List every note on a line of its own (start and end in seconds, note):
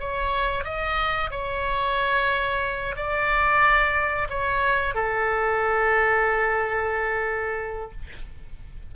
0.00 0.64 C#5
0.64 1.30 D#5
1.30 2.95 C#5
2.96 4.28 D5
4.29 4.95 C#5
4.95 7.91 A4